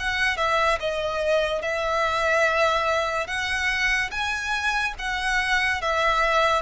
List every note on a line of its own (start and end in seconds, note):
0.00 0.37 F#5
0.37 0.79 E5
0.80 1.62 D#5
1.62 3.27 E5
3.27 4.11 F#5
4.11 4.95 G#5
4.99 5.82 F#5
5.82 6.62 E5